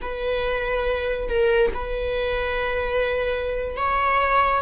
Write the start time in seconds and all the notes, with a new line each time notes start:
0.01 B4
1.29 A#4
1.74 B4
3.76 C#5